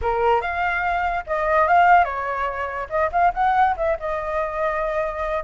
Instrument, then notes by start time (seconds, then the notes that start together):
flute
0.01 A#4
0.41 F5
1.27 D#5
1.67 F5
2.04 C#5
2.89 D#5
3.12 F5
3.34 F#5
3.76 E5
3.99 D#5